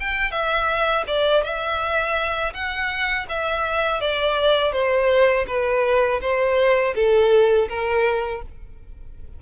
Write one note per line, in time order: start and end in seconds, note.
0.00 0.31 G5
0.31 1.04 E5
1.07 1.43 D5
1.43 2.53 E5
2.53 3.27 F#5
3.29 4.01 E5
4.01 4.72 D5
4.72 5.45 C5
5.47 6.20 B4
6.21 6.94 C5
6.95 7.69 A4
7.69 8.42 A#4